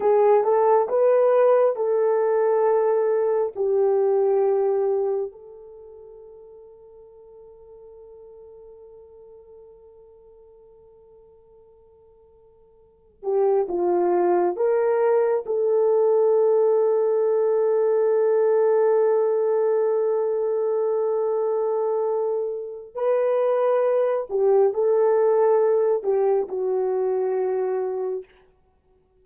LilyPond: \new Staff \with { instrumentName = "horn" } { \time 4/4 \tempo 4 = 68 gis'8 a'8 b'4 a'2 | g'2 a'2~ | a'1~ | a'2. g'8 f'8~ |
f'8 ais'4 a'2~ a'8~ | a'1~ | a'2 b'4. g'8 | a'4. g'8 fis'2 | }